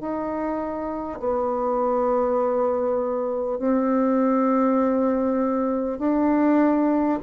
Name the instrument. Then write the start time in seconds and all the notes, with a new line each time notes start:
bassoon
0.00 D#4
1.19 B3
3.59 C4
5.99 D4